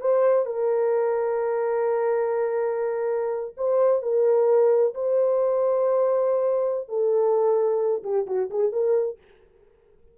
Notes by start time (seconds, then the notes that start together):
0.00 C5
0.45 A#4
3.57 C5
4.02 A#4
4.94 C5
6.88 A4
8.03 G4
8.26 F#4
8.50 G#4
8.72 A#4